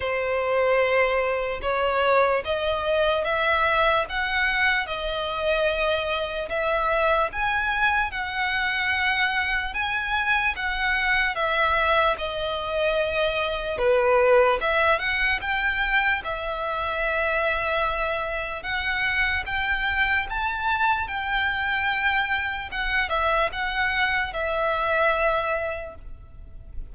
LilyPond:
\new Staff \with { instrumentName = "violin" } { \time 4/4 \tempo 4 = 74 c''2 cis''4 dis''4 | e''4 fis''4 dis''2 | e''4 gis''4 fis''2 | gis''4 fis''4 e''4 dis''4~ |
dis''4 b'4 e''8 fis''8 g''4 | e''2. fis''4 | g''4 a''4 g''2 | fis''8 e''8 fis''4 e''2 | }